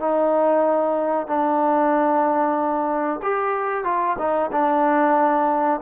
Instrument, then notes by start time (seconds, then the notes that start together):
trombone
0.00 D#4
1.27 D4
3.23 G4
3.84 F4
4.19 D#4
4.52 D4